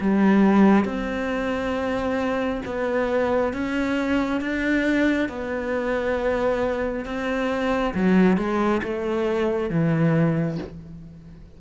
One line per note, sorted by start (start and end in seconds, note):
0.00 0.85 G3
0.85 2.61 C4
2.65 3.53 B3
3.53 4.40 C#4
4.40 5.29 D4
5.29 7.05 B3
7.05 7.93 C4
7.94 8.37 F#3
8.37 8.81 G#3
8.83 9.69 A3
9.69 10.58 E3